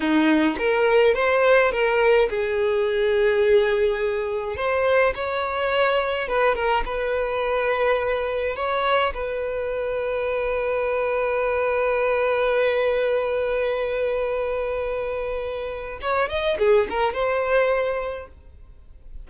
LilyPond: \new Staff \with { instrumentName = "violin" } { \time 4/4 \tempo 4 = 105 dis'4 ais'4 c''4 ais'4 | gis'1 | c''4 cis''2 b'8 ais'8 | b'2. cis''4 |
b'1~ | b'1~ | b'1 | cis''8 dis''8 gis'8 ais'8 c''2 | }